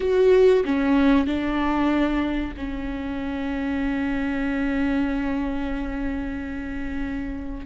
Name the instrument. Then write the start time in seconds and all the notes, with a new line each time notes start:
viola
0.00 F#4
0.64 C#4
1.26 D4
2.56 C#4